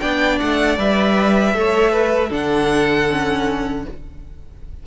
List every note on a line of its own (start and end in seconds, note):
0.00 0.41 B3
0.00 0.78 D4
0.00 1.55 D5
0.00 0.38 G5
0.40 0.78 A3
0.40 0.79 F#5
0.78 1.54 G3
0.78 1.54 B4
0.78 2.33 E5
1.54 2.30 A3
1.54 2.30 A4
1.54 1.92 C#5
1.92 2.29 B4
2.29 3.85 D3
2.29 3.07 D4
2.29 3.83 A4
2.29 3.86 F#5
3.10 3.87 C#4